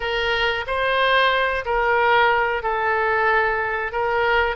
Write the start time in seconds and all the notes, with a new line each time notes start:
0.00 A#4
0.66 C5
1.65 A#4
2.63 A4
3.92 A#4